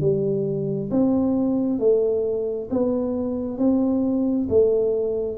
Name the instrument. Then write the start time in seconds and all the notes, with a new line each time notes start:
tuba
0.00 G3
0.90 C4
1.79 A3
2.70 B3
3.58 C4
4.49 A3